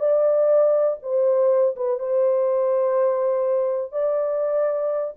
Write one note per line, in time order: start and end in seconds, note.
0.00 0.98 D5
1.03 1.76 C5
1.76 2.00 B4
2.00 3.92 C5
3.92 5.14 D5